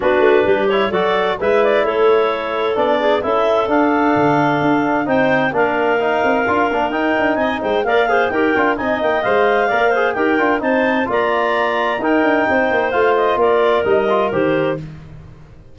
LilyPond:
<<
  \new Staff \with { instrumentName = "clarinet" } { \time 4/4 \tempo 4 = 130 b'4. cis''8 d''4 e''8 d''8 | cis''2 d''4 e''4 | f''2. g''4 | f''2. g''4 |
gis''8 g''8 f''4 g''4 gis''8 g''8 | f''2 g''4 a''4 | ais''2 g''2 | f''8 dis''8 d''4 dis''4 c''4 | }
  \new Staff \with { instrumentName = "clarinet" } { \time 4/4 fis'4 g'4 a'4 b'4 | a'2~ a'8 gis'8 a'4~ | a'2. c''4 | ais'1 |
dis''8 c''8 d''8 c''8 ais'4 dis''4~ | dis''4 d''8 c''8 ais'4 c''4 | d''2 ais'4 c''4~ | c''4 ais'2. | }
  \new Staff \with { instrumentName = "trombone" } { \time 4/4 d'4. e'8 fis'4 e'4~ | e'2 d'4 e'4 | d'2. dis'4 | d'4 dis'4 f'8 d'8 dis'4~ |
dis'4 ais'8 gis'8 g'8 f'8 dis'4 | c''4 ais'8 gis'8 g'8 f'8 dis'4 | f'2 dis'2 | f'2 dis'8 f'8 g'4 | }
  \new Staff \with { instrumentName = "tuba" } { \time 4/4 b8 a8 g4 fis4 gis4 | a2 b4 cis'4 | d'4 d4 d'4 c'4 | ais4. c'8 d'8 ais8 dis'8 d'8 |
c'8 gis8 ais4 dis'8 d'8 c'8 ais8 | gis4 ais4 dis'8 d'8 c'4 | ais2 dis'8 d'8 c'8 ais8 | a4 ais4 g4 dis4 | }
>>